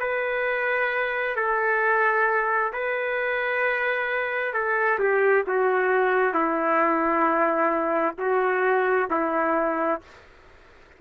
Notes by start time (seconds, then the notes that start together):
0.00 B4
1.36 A4
2.74 B4
4.54 A4
5.00 G4
5.48 F#4
6.34 E4
8.19 F#4
9.11 E4